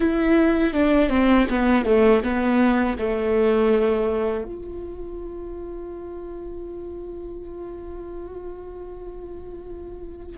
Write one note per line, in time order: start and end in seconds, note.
0.00 0.73 E4
0.73 1.09 D4
1.09 1.46 C4
1.49 1.85 B3
1.85 2.22 A3
2.23 2.97 B3
2.98 4.44 A3
4.44 10.37 F4